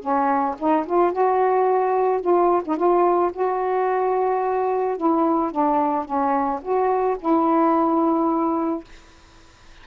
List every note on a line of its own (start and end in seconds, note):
0.00 0.55 C#4
0.58 0.86 D#4
0.86 1.12 F4
1.12 2.21 F#4
2.21 2.62 F4
2.65 2.76 D#4
2.76 3.31 F4
3.33 4.97 F#4
4.97 5.51 E4
5.51 6.05 D4
6.05 6.60 C#4
6.62 7.17 F#4
7.19 8.84 E4